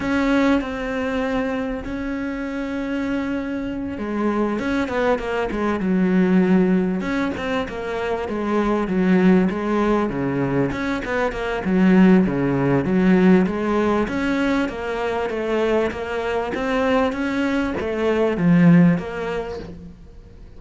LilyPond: \new Staff \with { instrumentName = "cello" } { \time 4/4 \tempo 4 = 98 cis'4 c'2 cis'4~ | cis'2~ cis'8 gis4 cis'8 | b8 ais8 gis8 fis2 cis'8 | c'8 ais4 gis4 fis4 gis8~ |
gis8 cis4 cis'8 b8 ais8 fis4 | cis4 fis4 gis4 cis'4 | ais4 a4 ais4 c'4 | cis'4 a4 f4 ais4 | }